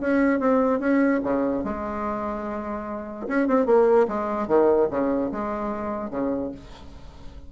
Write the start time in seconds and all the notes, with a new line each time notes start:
0.00 C#4
0.39 C4
0.79 C#4
1.23 C#3
1.64 G#3
3.27 C#4
3.47 C4
3.66 A#3
4.08 G#3
4.47 D#3
4.90 C#3
5.32 G#3
6.10 C#3